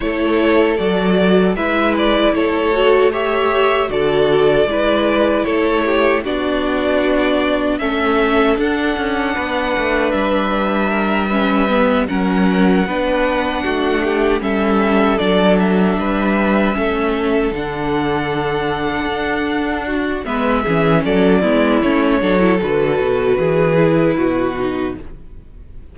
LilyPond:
<<
  \new Staff \with { instrumentName = "violin" } { \time 4/4 \tempo 4 = 77 cis''4 d''4 e''8 d''8 cis''4 | e''4 d''2 cis''4 | d''2 e''4 fis''4~ | fis''4 e''2~ e''8 fis''8~ |
fis''2~ fis''8 e''4 d''8 | e''2~ e''8 fis''4.~ | fis''2 e''4 d''4 | cis''4 b'2. | }
  \new Staff \with { instrumentName = "violin" } { \time 4/4 a'2 b'4 a'4 | cis''4 a'4 b'4 a'8 g'8 | fis'2 a'2 | b'2 ais'8 b'4 ais'8~ |
ais'8 b'4 fis'8 g'8 a'4.~ | a'8 b'4 a'2~ a'8~ | a'4. fis'8 b'8 gis'8 a'8 e'8~ | e'8 a'4. gis'4 fis'4 | }
  \new Staff \with { instrumentName = "viola" } { \time 4/4 e'4 fis'4 e'4. fis'8 | g'4 fis'4 e'2 | d'2 cis'4 d'4~ | d'2~ d'8 cis'8 b8 cis'8~ |
cis'8 d'2 cis'4 d'8~ | d'4. cis'4 d'4.~ | d'2 b8 cis'4 b8 | cis'8 d'16 e'16 fis'4. e'4 dis'8 | }
  \new Staff \with { instrumentName = "cello" } { \time 4/4 a4 fis4 gis4 a4~ | a4 d4 gis4 a4 | b2 a4 d'8 cis'8 | b8 a8 g2~ g8 fis8~ |
fis8 b4 a4 g4 fis8~ | fis8 g4 a4 d4.~ | d8 d'4. gis8 e8 fis8 gis8 | a8 fis8 d8 b,8 e4 b,4 | }
>>